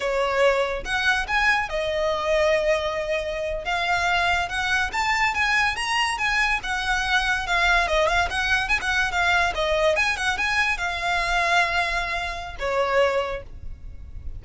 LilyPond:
\new Staff \with { instrumentName = "violin" } { \time 4/4 \tempo 4 = 143 cis''2 fis''4 gis''4 | dis''1~ | dis''8. f''2 fis''4 a''16~ | a''8. gis''4 ais''4 gis''4 fis''16~ |
fis''4.~ fis''16 f''4 dis''8 f''8 fis''16~ | fis''8. gis''16 fis''8. f''4 dis''4 gis''16~ | gis''16 fis''8 gis''4 f''2~ f''16~ | f''2 cis''2 | }